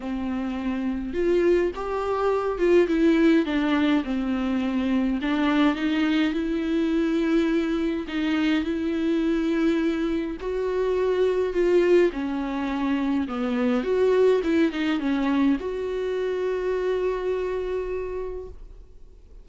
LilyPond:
\new Staff \with { instrumentName = "viola" } { \time 4/4 \tempo 4 = 104 c'2 f'4 g'4~ | g'8 f'8 e'4 d'4 c'4~ | c'4 d'4 dis'4 e'4~ | e'2 dis'4 e'4~ |
e'2 fis'2 | f'4 cis'2 b4 | fis'4 e'8 dis'8 cis'4 fis'4~ | fis'1 | }